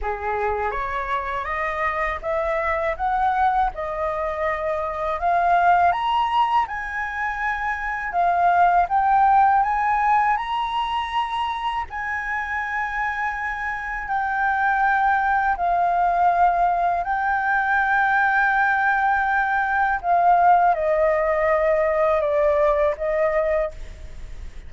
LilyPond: \new Staff \with { instrumentName = "flute" } { \time 4/4 \tempo 4 = 81 gis'4 cis''4 dis''4 e''4 | fis''4 dis''2 f''4 | ais''4 gis''2 f''4 | g''4 gis''4 ais''2 |
gis''2. g''4~ | g''4 f''2 g''4~ | g''2. f''4 | dis''2 d''4 dis''4 | }